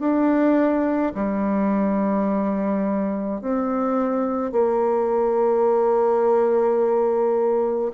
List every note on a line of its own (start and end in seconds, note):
0.00 1.13 D4
1.15 3.41 G3
3.41 4.52 C4
4.52 7.91 A#3